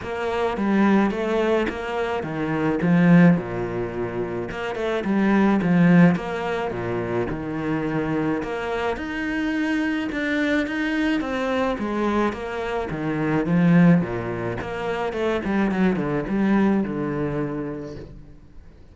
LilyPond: \new Staff \with { instrumentName = "cello" } { \time 4/4 \tempo 4 = 107 ais4 g4 a4 ais4 | dis4 f4 ais,2 | ais8 a8 g4 f4 ais4 | ais,4 dis2 ais4 |
dis'2 d'4 dis'4 | c'4 gis4 ais4 dis4 | f4 ais,4 ais4 a8 g8 | fis8 d8 g4 d2 | }